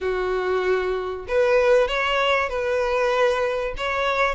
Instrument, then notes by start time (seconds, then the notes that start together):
violin
0.01 F#4
1.28 B4
1.88 C#5
2.49 B4
3.77 C#5